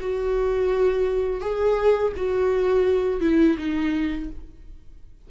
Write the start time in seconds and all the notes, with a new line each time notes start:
0.00 F#4
1.41 G#4
2.16 F#4
3.21 E4
3.58 D#4